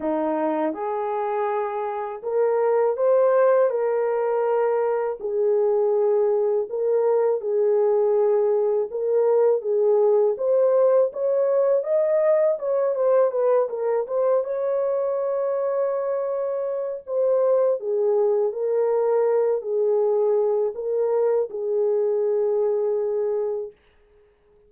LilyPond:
\new Staff \with { instrumentName = "horn" } { \time 4/4 \tempo 4 = 81 dis'4 gis'2 ais'4 | c''4 ais'2 gis'4~ | gis'4 ais'4 gis'2 | ais'4 gis'4 c''4 cis''4 |
dis''4 cis''8 c''8 b'8 ais'8 c''8 cis''8~ | cis''2. c''4 | gis'4 ais'4. gis'4. | ais'4 gis'2. | }